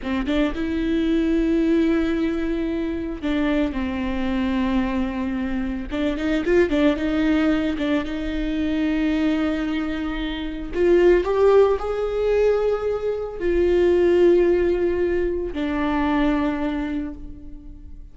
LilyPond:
\new Staff \with { instrumentName = "viola" } { \time 4/4 \tempo 4 = 112 c'8 d'8 e'2.~ | e'2 d'4 c'4~ | c'2. d'8 dis'8 | f'8 d'8 dis'4. d'8 dis'4~ |
dis'1 | f'4 g'4 gis'2~ | gis'4 f'2.~ | f'4 d'2. | }